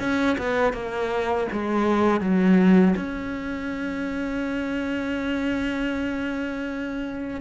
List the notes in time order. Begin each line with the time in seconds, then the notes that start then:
0.00 C#4
0.38 B3
0.73 A#3
1.53 G#3
2.21 F#3
2.97 C#4